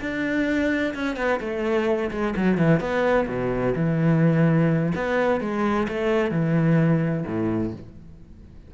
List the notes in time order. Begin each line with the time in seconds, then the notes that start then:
0.00 D4
0.95 C#4
1.16 B3
1.40 A3
2.11 G#3
2.36 F#3
2.57 E3
2.80 B3
3.27 B2
3.75 E3
4.95 B3
5.40 G#3
5.88 A3
6.31 E3
7.26 A2